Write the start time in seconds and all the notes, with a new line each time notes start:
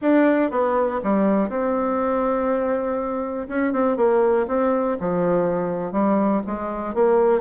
0.01 D4
0.50 B3
1.03 G3
1.49 C4
3.48 C#4
3.72 C4
3.96 A#3
4.47 C4
5.00 F3
5.92 G3
6.46 G#3
6.94 A#3